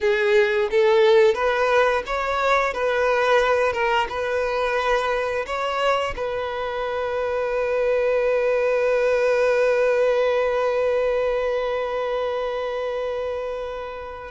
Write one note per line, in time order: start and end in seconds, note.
0.01 0.69 G#4
0.70 1.34 A4
1.34 2.02 B4
2.06 2.73 C#5
2.73 3.73 B4
3.73 4.07 A#4
4.09 5.45 B4
5.46 6.14 C#5
6.16 14.31 B4